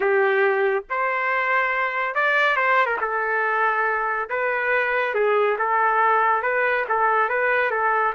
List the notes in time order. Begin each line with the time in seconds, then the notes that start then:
0.00 G4
0.89 C5
2.14 D5
2.56 C5
2.86 A#4
3.00 A4
4.29 B4
5.14 G#4
5.58 A4
6.42 B4
6.88 A4
7.29 B4
7.70 A4